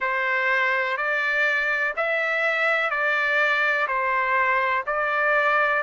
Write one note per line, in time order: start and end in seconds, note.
0.00 0.97 C5
0.97 1.94 D5
1.96 2.90 E5
2.90 3.87 D5
3.87 4.84 C5
4.86 5.82 D5